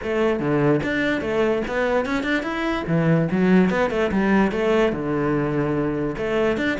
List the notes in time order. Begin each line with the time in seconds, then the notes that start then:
0.02 A3
0.39 D3
0.83 D4
1.21 A3
1.67 B3
2.05 C#4
2.23 D4
2.42 E4
2.87 E3
3.31 F#3
3.69 B3
3.90 A3
4.11 G3
4.51 A3
4.92 D3
6.17 A3
6.57 D4